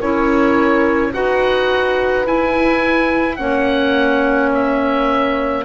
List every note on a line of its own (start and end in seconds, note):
0.00 1.13 C#4
0.00 1.13 E4
0.00 1.13 A#4
0.00 1.14 C#5
1.13 2.27 D#4
1.13 2.25 F#4
1.13 3.39 B4
1.13 2.27 F#5
2.25 3.39 E4
2.25 3.40 E4
2.25 3.37 G#5
3.37 5.65 A#3
3.37 5.65 C#4
3.37 5.65 C#5
3.37 4.50 F#5
4.54 5.65 E5